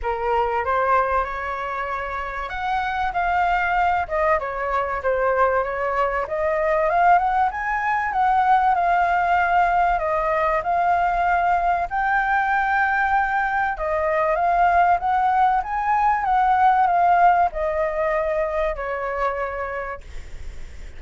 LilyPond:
\new Staff \with { instrumentName = "flute" } { \time 4/4 \tempo 4 = 96 ais'4 c''4 cis''2 | fis''4 f''4. dis''8 cis''4 | c''4 cis''4 dis''4 f''8 fis''8 | gis''4 fis''4 f''2 |
dis''4 f''2 g''4~ | g''2 dis''4 f''4 | fis''4 gis''4 fis''4 f''4 | dis''2 cis''2 | }